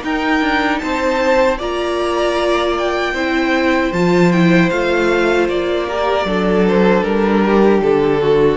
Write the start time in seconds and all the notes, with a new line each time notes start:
0.00 D#4 A#4 G5
0.40 D4
0.79 C4 C5 A5
1.58 A#3 F4 D5 A#5
2.78 G5
3.13 C4 E4 C5
3.93 F3 F4 A5
4.32 E4 G5
4.70 A3 F4 F5
5.49 A#3 D5
5.88 G4 A#4
6.25 F#3 D4 A4
6.68 C5
7.03 G3 A#4
7.45 G4
7.81 D3 A4
8.22 F#4